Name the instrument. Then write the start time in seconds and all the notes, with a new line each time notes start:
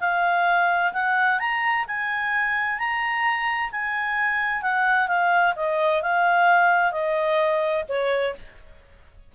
clarinet
0.00 F5
0.93 F#5
1.39 A#5
1.87 G#5
2.78 A#5
3.71 G#5
4.62 F#5
5.07 F5
5.56 D#5
6.02 F5
6.91 D#5
7.88 C#5